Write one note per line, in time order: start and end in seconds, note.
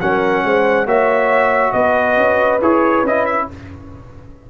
0.00 0.43 F#3
0.00 0.86 C#4
0.00 0.44 A#4
0.00 0.87 F#5
0.43 0.86 G#3
0.43 0.86 C5
0.86 1.72 A#3
0.86 2.60 F#4
0.86 1.73 C#5
0.86 1.72 E5
1.72 2.17 B3
1.72 3.47 B4
1.72 2.59 D#5
2.17 2.60 C#4
2.61 3.03 E4
2.61 3.05 G#4
2.61 3.05 C#5
3.03 3.46 C#4
3.03 3.50 E4
3.03 3.25 D#5
3.25 3.47 E5